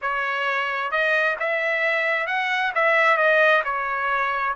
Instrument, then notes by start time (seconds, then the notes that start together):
trumpet
0.01 C#5
0.91 D#5
1.39 E5
2.26 F#5
2.74 E5
3.17 D#5
3.64 C#5